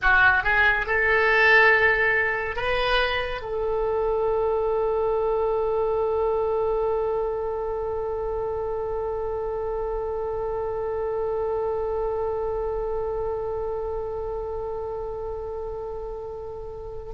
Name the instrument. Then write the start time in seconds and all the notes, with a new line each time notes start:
oboe
0.02 F#4
0.43 G#4
0.86 A4
2.56 B4
3.41 A4